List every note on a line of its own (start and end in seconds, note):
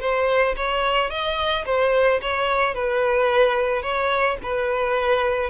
0.00 0.55 C5
0.56 1.10 C#5
1.10 1.65 D#5
1.65 2.20 C5
2.21 2.74 C#5
2.74 3.82 B4
3.82 4.37 C#5
4.43 5.50 B4